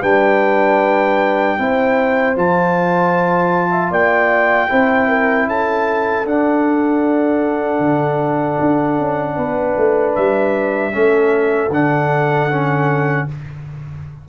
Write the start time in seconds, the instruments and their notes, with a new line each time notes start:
0.00 tuba G3, trombone D4, horn B4, trumpet G5
1.58 tuba C4, trombone E4, horn C5
2.36 tuba F3, trombone F4, trumpet A5
3.71 horn E5
3.91 tuba A#3, horn D5, trumpet G5
4.69 tuba C4, trombone E4, horn C5
5.08 horn A#4
5.47 tuba C#4, horn A4, trumpet A5
6.25 tuba D4, trombone D4, trumpet F#5
7.79 tuba D3
8.60 tuba D4
8.98 tuba C#4
9.36 tuba B3, horn B4
9.77 tuba A3
10.15 tuba G3, trumpet E5
10.92 tuba A3, trombone C#4, horn A4
11.69 tuba D3, trombone D4, trumpet F#5
12.50 trombone C#4